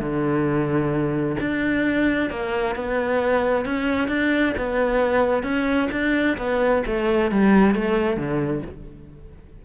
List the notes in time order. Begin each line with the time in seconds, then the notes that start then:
0.00 D3
1.40 D4
2.30 A#3
2.76 B3
3.65 C#4
4.08 D4
4.57 B3
5.44 C#4
5.92 D4
6.38 B3
6.87 A3
7.31 G3
7.75 A3
8.17 D3